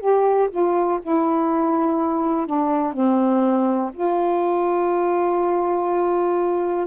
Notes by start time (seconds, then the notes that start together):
0.00 G4
0.50 F4
1.01 E4
2.46 D4
2.93 C4
3.93 F4